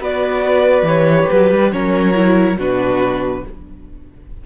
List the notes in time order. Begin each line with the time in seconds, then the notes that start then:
0.00 B3 F#4 B4 D5
0.82 E3 G4 C#5
1.30 F#3 B4
1.50 G3
1.72 F#3 C#4 A#4 C#5
2.14 E4
2.58 B2 D4 F#4 B4